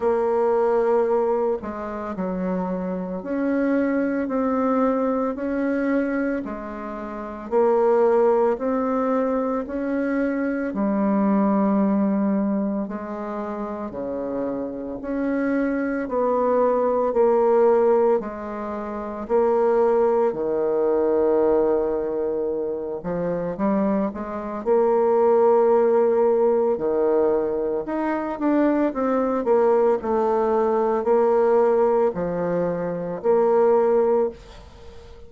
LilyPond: \new Staff \with { instrumentName = "bassoon" } { \time 4/4 \tempo 4 = 56 ais4. gis8 fis4 cis'4 | c'4 cis'4 gis4 ais4 | c'4 cis'4 g2 | gis4 cis4 cis'4 b4 |
ais4 gis4 ais4 dis4~ | dis4. f8 g8 gis8 ais4~ | ais4 dis4 dis'8 d'8 c'8 ais8 | a4 ais4 f4 ais4 | }